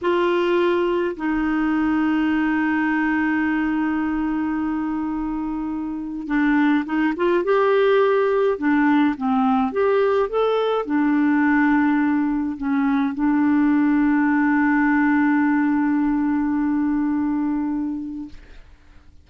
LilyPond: \new Staff \with { instrumentName = "clarinet" } { \time 4/4 \tempo 4 = 105 f'2 dis'2~ | dis'1~ | dis'2. d'4 | dis'8 f'8 g'2 d'4 |
c'4 g'4 a'4 d'4~ | d'2 cis'4 d'4~ | d'1~ | d'1 | }